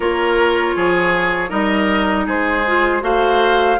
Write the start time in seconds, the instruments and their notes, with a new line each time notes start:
0.00 bassoon A#3, clarinet F4, oboe A#4, flute C#5
0.76 bassoon F3, oboe G#4
1.48 bassoon G3, clarinet D#4, oboe A#4, flute D#5
2.26 bassoon G#3, oboe G#4, flute C5
2.67 clarinet F4
3.00 bassoon A3, clarinet F#4, oboe C5, flute F5